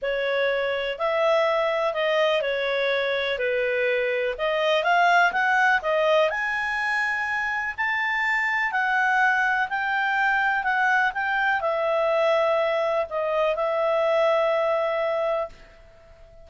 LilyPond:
\new Staff \with { instrumentName = "clarinet" } { \time 4/4 \tempo 4 = 124 cis''2 e''2 | dis''4 cis''2 b'4~ | b'4 dis''4 f''4 fis''4 | dis''4 gis''2. |
a''2 fis''2 | g''2 fis''4 g''4 | e''2. dis''4 | e''1 | }